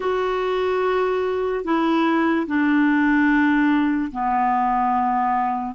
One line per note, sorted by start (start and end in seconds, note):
0.00 1.64 F#4
1.64 2.46 E4
2.47 4.11 D4
4.11 5.74 B3